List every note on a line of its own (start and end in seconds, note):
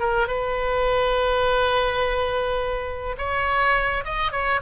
0.00 0.28 A#4
0.28 3.16 B4
3.18 4.04 C#5
4.04 4.32 D#5
4.32 4.60 C#5